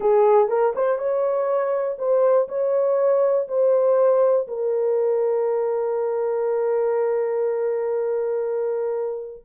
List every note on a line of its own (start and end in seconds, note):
0.00 0.48 G#4
0.48 0.73 A#4
0.75 0.98 C5
0.98 1.97 C#5
1.98 2.48 C5
2.48 3.47 C#5
3.48 4.47 C5
4.47 9.43 A#4